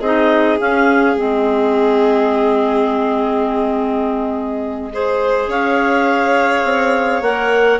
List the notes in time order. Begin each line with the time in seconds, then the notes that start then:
0.00 C4 D#4 G#4 D#5
0.58 C#4 F5
1.15 G#3 C4 D#5
4.92 G#4 C5
5.47 C#4 C#5 F5
6.64 C4
7.21 A#3 A#4 F#5